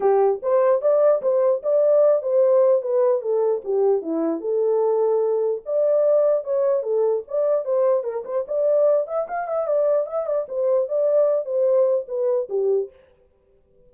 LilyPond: \new Staff \with { instrumentName = "horn" } { \time 4/4 \tempo 4 = 149 g'4 c''4 d''4 c''4 | d''4. c''4. b'4 | a'4 g'4 e'4 a'4~ | a'2 d''2 |
cis''4 a'4 d''4 c''4 | ais'8 c''8 d''4. e''8 f''8 e''8 | d''4 e''8 d''8 c''4 d''4~ | d''8 c''4. b'4 g'4 | }